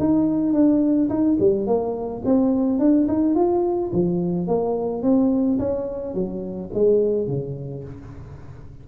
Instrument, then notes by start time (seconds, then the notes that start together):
tuba
0.00 D#4
0.54 D4
1.10 D#4
1.40 G3
1.67 A#3
2.25 C4
2.80 D4
3.08 D#4
3.36 F4
3.93 F3
4.48 A#3
5.03 C4
5.60 C#4
6.15 F#3
6.74 G#3
7.28 C#3